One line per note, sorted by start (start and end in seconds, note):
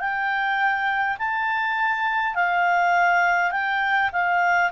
0.00 1.18 G5
1.19 2.35 A5
2.35 3.51 F5
3.51 4.10 G5
4.13 4.72 F5